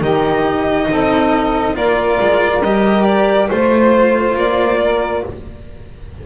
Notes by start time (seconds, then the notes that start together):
0.00 D#3 D#4 G4 D#5
0.90 C4 A4
1.74 A#3 F4 A#4 D5
2.20 G#3
2.62 G3 G4 D#5
3.04 D5
3.49 A3 F4 C5
4.35 A#3 D5
4.80 A#4